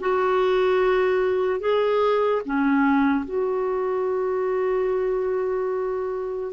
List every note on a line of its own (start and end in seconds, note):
0.00 1.60 F#4
1.60 2.42 G#4
2.45 3.25 C#4
3.25 6.53 F#4